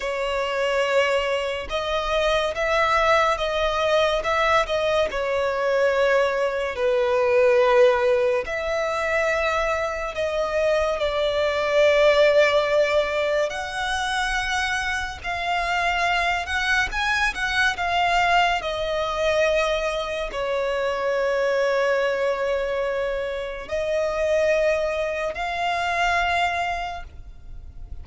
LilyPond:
\new Staff \with { instrumentName = "violin" } { \time 4/4 \tempo 4 = 71 cis''2 dis''4 e''4 | dis''4 e''8 dis''8 cis''2 | b'2 e''2 | dis''4 d''2. |
fis''2 f''4. fis''8 | gis''8 fis''8 f''4 dis''2 | cis''1 | dis''2 f''2 | }